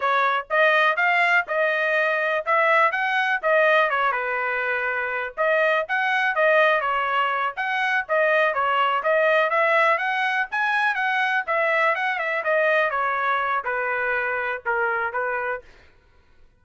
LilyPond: \new Staff \with { instrumentName = "trumpet" } { \time 4/4 \tempo 4 = 123 cis''4 dis''4 f''4 dis''4~ | dis''4 e''4 fis''4 dis''4 | cis''8 b'2~ b'8 dis''4 | fis''4 dis''4 cis''4. fis''8~ |
fis''8 dis''4 cis''4 dis''4 e''8~ | e''8 fis''4 gis''4 fis''4 e''8~ | e''8 fis''8 e''8 dis''4 cis''4. | b'2 ais'4 b'4 | }